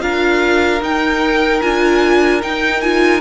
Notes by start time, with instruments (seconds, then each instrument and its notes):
0.00 cello D4, viola F4, violin A#4 F5
0.81 cello D#4, viola D#4, violin G5
1.62 cello D4, viola F4, violin G#5
2.42 viola D#4, cello D#4, violin G5
2.81 viola F4, violin G#5